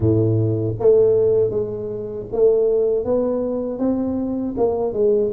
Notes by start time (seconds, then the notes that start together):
0.00 A2
0.79 A3
1.50 G#3
2.32 A3
3.04 B3
3.78 C4
4.57 A#3
4.93 G#3